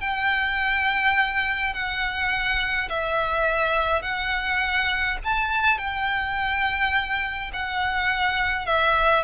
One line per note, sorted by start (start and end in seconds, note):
0.00 1.73 G5
1.73 2.88 F#5
2.89 4.02 E5
4.02 5.17 F#5
5.24 5.78 A5
5.78 7.51 G5
7.53 8.65 F#5
8.65 9.23 E5